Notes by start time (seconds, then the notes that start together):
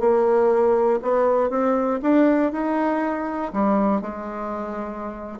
0.00 A#3
1.02 B3
1.50 C4
2.02 D4
2.52 D#4
3.53 G3
4.02 G#3